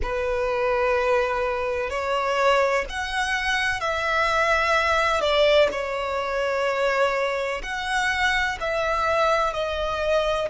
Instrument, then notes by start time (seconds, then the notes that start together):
violin
0.02 B4
1.90 C#5
2.89 F#5
3.80 E5
5.20 D5
5.71 C#5
7.62 F#5
8.60 E5
9.53 D#5